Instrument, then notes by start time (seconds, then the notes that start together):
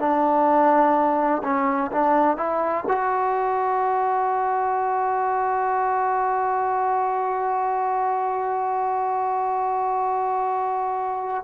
trombone
0.00 D4
1.44 C#4
1.92 D4
2.37 E4
2.88 F#4